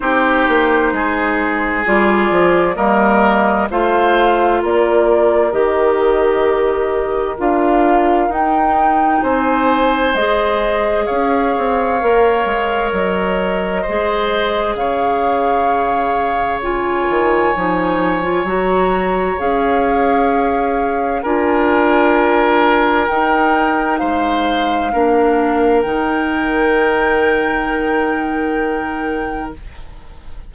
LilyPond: <<
  \new Staff \with { instrumentName = "flute" } { \time 4/4 \tempo 4 = 65 c''2 d''4 dis''4 | f''4 d''4 dis''2 | f''4 g''4 gis''4 dis''4 | f''2 dis''2 |
f''2 gis''2 | ais''4 f''2 gis''4~ | gis''4 g''4 f''2 | g''1 | }
  \new Staff \with { instrumentName = "oboe" } { \time 4/4 g'4 gis'2 ais'4 | c''4 ais'2.~ | ais'2 c''2 | cis''2. c''4 |
cis''1~ | cis''2. ais'4~ | ais'2 c''4 ais'4~ | ais'1 | }
  \new Staff \with { instrumentName = "clarinet" } { \time 4/4 dis'2 f'4 ais4 | f'2 g'2 | f'4 dis'2 gis'4~ | gis'4 ais'2 gis'4~ |
gis'2 f'4 dis'8. f'16 | fis'4 gis'2 f'4~ | f'4 dis'2 d'4 | dis'1 | }
  \new Staff \with { instrumentName = "bassoon" } { \time 4/4 c'8 ais8 gis4 g8 f8 g4 | a4 ais4 dis2 | d'4 dis'4 c'4 gis4 | cis'8 c'8 ais8 gis8 fis4 gis4 |
cis2~ cis8 dis8 f4 | fis4 cis'2 d'4~ | d'4 dis'4 gis4 ais4 | dis1 | }
>>